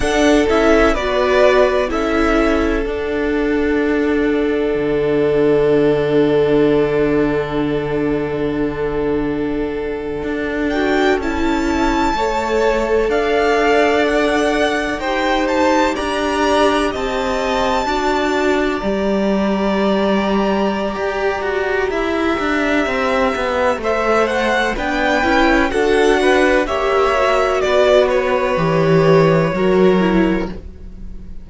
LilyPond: <<
  \new Staff \with { instrumentName = "violin" } { \time 4/4 \tempo 4 = 63 fis''8 e''8 d''4 e''4 fis''4~ | fis''1~ | fis''2.~ fis''16 g''8 a''16~ | a''4.~ a''16 f''4 fis''4 g''16~ |
g''16 a''8 ais''4 a''2 ais''16~ | ais''1~ | ais''4 e''8 fis''8 g''4 fis''4 | e''4 d''8 cis''2~ cis''8 | }
  \new Staff \with { instrumentName = "violin" } { \time 4/4 a'4 b'4 a'2~ | a'1~ | a'1~ | a'8. cis''4 d''2 c''16~ |
c''8. d''4 dis''4 d''4~ d''16~ | d''2. e''4~ | e''4 c''4 b'4 a'8 b'8 | cis''4 b'2 ais'4 | }
  \new Staff \with { instrumentName = "viola" } { \time 4/4 d'8 e'8 fis'4 e'4 d'4~ | d'1~ | d'2.~ d'16 fis'8 e'16~ | e'8. a'2. g'16~ |
g'2~ g'8. fis'4 g'16~ | g'1~ | g'4 a'4 d'8 e'8 fis'4 | g'8 fis'4. g'4 fis'8 e'8 | }
  \new Staff \with { instrumentName = "cello" } { \time 4/4 d'8 cis'8 b4 cis'4 d'4~ | d'4 d2.~ | d2~ d8. d'4 cis'16~ | cis'8. a4 d'2 dis'16~ |
dis'8. d'4 c'4 d'4 g16~ | g2 g'8 fis'8 e'8 d'8 | c'8 b8 a4 b8 cis'8 d'4 | ais4 b4 e4 fis4 | }
>>